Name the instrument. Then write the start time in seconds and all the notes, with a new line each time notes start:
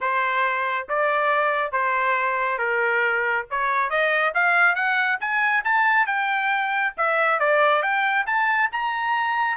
trumpet
0.00 C5
0.88 D5
1.72 C5
2.58 A#4
3.50 C#5
3.89 D#5
4.34 F5
4.75 F#5
5.20 G#5
5.64 A5
6.06 G5
6.97 E5
7.39 D5
7.82 G5
8.26 A5
8.72 A#5